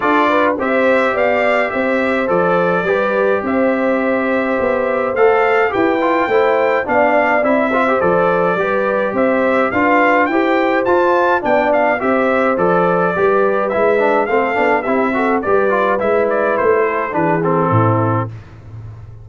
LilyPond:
<<
  \new Staff \with { instrumentName = "trumpet" } { \time 4/4 \tempo 4 = 105 d''4 e''4 f''4 e''4 | d''2 e''2~ | e''4 f''4 g''2 | f''4 e''4 d''2 |
e''4 f''4 g''4 a''4 | g''8 f''8 e''4 d''2 | e''4 f''4 e''4 d''4 | e''8 d''8 c''4 b'8 a'4. | }
  \new Staff \with { instrumentName = "horn" } { \time 4/4 a'8 b'8 c''4 d''4 c''4~ | c''4 b'4 c''2~ | c''2 b'4 c''4 | d''4. c''4. b'4 |
c''4 b'4 c''2 | d''4 c''2 b'4~ | b'4 a'4 g'8 a'8 b'4~ | b'4. a'8 gis'4 e'4 | }
  \new Staff \with { instrumentName = "trombone" } { \time 4/4 f'4 g'2. | a'4 g'2.~ | g'4 a'4 g'8 f'8 e'4 | d'4 e'8 f'16 g'16 a'4 g'4~ |
g'4 f'4 g'4 f'4 | d'4 g'4 a'4 g'4 | e'8 d'8 c'8 d'8 e'8 fis'8 g'8 f'8 | e'2 d'8 c'4. | }
  \new Staff \with { instrumentName = "tuba" } { \time 4/4 d'4 c'4 b4 c'4 | f4 g4 c'2 | b4 a4 e'4 a4 | b4 c'4 f4 g4 |
c'4 d'4 e'4 f'4 | b4 c'4 f4 g4 | gis4 a8 b8 c'4 g4 | gis4 a4 e4 a,4 | }
>>